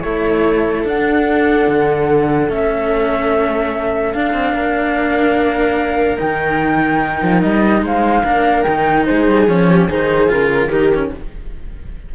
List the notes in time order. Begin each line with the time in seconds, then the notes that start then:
0.00 A3 E4 A4 C#5
0.83 D4 F#5
1.67 D3
2.48 A3 C#4 E5
4.12 D4 F5
4.33 C4
4.53 A#3 A#4
6.16 D#3 D#4 G5
7.22 F3
7.41 G3 D#5
7.82 G#3 C5 F5
8.23 A#3 D4 A#4
8.63 D#3 D#4 G5
9.05 G#3 G#4 C5
9.27 G3
9.47 F3 C#4 C#5
9.69 G4
9.88 D#3 D#4 G#4 C5
10.28 C#3 F4 A#4
10.68 D#3 D#4 G4
10.94 C#4